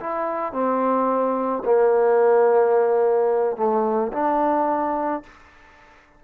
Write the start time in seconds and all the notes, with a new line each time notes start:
0.00 E4
0.53 C4
1.65 A#3
3.57 A3
4.13 D4